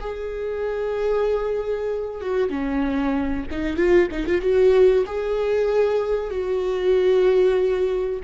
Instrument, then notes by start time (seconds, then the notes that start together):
viola
0.00 G#4
2.20 F#4
2.49 C#4
3.51 D#4
3.76 F4
4.11 D#4
4.26 F4
4.41 F#4
5.06 G#4
6.30 F#4